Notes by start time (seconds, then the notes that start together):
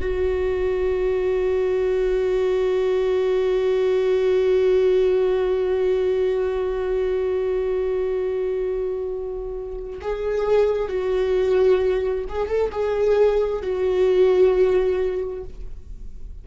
0.00 F#4
10.01 G#4
10.88 F#4
12.29 G#4
12.48 A4
12.71 G#4
13.62 F#4